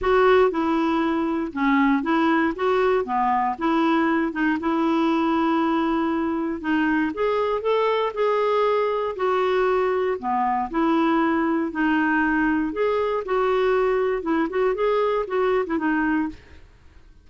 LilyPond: \new Staff \with { instrumentName = "clarinet" } { \time 4/4 \tempo 4 = 118 fis'4 e'2 cis'4 | e'4 fis'4 b4 e'4~ | e'8 dis'8 e'2.~ | e'4 dis'4 gis'4 a'4 |
gis'2 fis'2 | b4 e'2 dis'4~ | dis'4 gis'4 fis'2 | e'8 fis'8 gis'4 fis'8. e'16 dis'4 | }